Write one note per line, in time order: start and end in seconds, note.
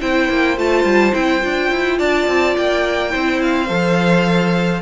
0.00 0.29 C4
0.00 0.57 E4
0.00 1.98 C5
0.00 0.58 G5
0.29 0.57 A#3
0.57 0.84 A3
0.57 1.12 F4
0.57 1.14 A5
0.84 1.12 G3
1.12 1.43 C4
1.12 1.40 E4
1.12 1.99 G5
1.40 1.71 D4
1.40 3.10 F4
1.71 1.99 E4
1.98 2.27 D4
1.98 3.11 D5
1.98 2.55 A5
2.27 2.55 C4
2.57 3.14 A#3
2.57 3.41 G5
3.10 3.69 C4
3.10 3.66 E4
3.10 4.81 C5
3.41 4.81 F5
3.68 4.81 F3
3.68 4.81 A4